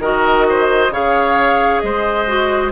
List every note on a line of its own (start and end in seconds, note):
0.00 0.90 D#3
0.00 0.92 F#4
0.00 0.46 A#4
0.00 0.94 D#5
0.49 0.93 C5
0.91 1.80 C#3
0.91 2.27 G#4
0.91 1.82 C#5
0.91 1.80 F5
1.80 2.73 G#3
1.80 2.73 C5
1.80 2.70 D#5
2.28 2.72 F#4